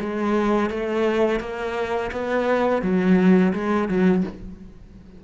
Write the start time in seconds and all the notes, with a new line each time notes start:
0.00 G#3
0.70 A3
1.41 A#3
2.12 B3
2.82 F#3
3.53 G#3
3.89 F#3